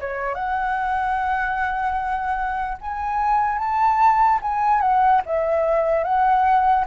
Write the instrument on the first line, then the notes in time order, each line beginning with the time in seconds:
flute
0.00 C#5
0.35 F#5
2.81 G#5
3.58 A5
4.42 G#5
4.81 F#5
5.26 E5
6.04 F#5